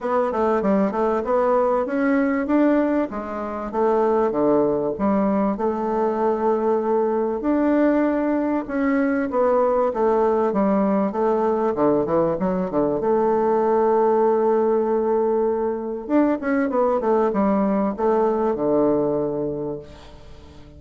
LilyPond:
\new Staff \with { instrumentName = "bassoon" } { \time 4/4 \tempo 4 = 97 b8 a8 g8 a8 b4 cis'4 | d'4 gis4 a4 d4 | g4 a2. | d'2 cis'4 b4 |
a4 g4 a4 d8 e8 | fis8 d8 a2.~ | a2 d'8 cis'8 b8 a8 | g4 a4 d2 | }